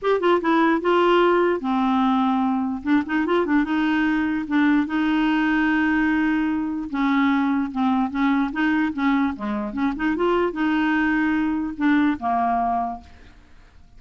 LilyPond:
\new Staff \with { instrumentName = "clarinet" } { \time 4/4 \tempo 4 = 148 g'8 f'8 e'4 f'2 | c'2. d'8 dis'8 | f'8 d'8 dis'2 d'4 | dis'1~ |
dis'4 cis'2 c'4 | cis'4 dis'4 cis'4 gis4 | cis'8 dis'8 f'4 dis'2~ | dis'4 d'4 ais2 | }